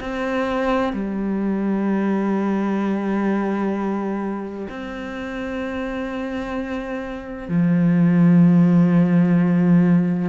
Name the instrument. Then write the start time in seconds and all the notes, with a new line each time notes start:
cello
0.00 C4
0.92 G3
4.69 C4
7.48 F3